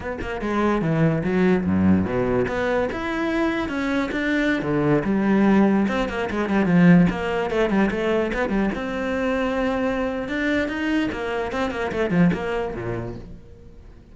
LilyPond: \new Staff \with { instrumentName = "cello" } { \time 4/4 \tempo 4 = 146 b8 ais8 gis4 e4 fis4 | fis,4 b,4 b4 e'4~ | e'4 cis'4 d'4~ d'16 d8.~ | d16 g2 c'8 ais8 gis8 g16~ |
g16 f4 ais4 a8 g8 a8.~ | a16 b8 g8 c'2~ c'8.~ | c'4 d'4 dis'4 ais4 | c'8 ais8 a8 f8 ais4 ais,4 | }